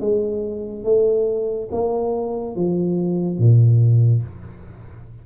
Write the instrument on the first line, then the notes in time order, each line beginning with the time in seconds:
tuba
0.00 G#3
0.84 A3
1.71 A#3
2.55 F3
3.38 A#2